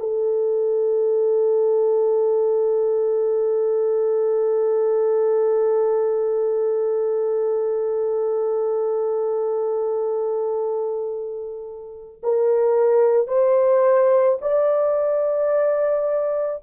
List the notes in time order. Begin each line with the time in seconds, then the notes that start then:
0.00 A4
12.23 A#4
13.28 C5
14.42 D5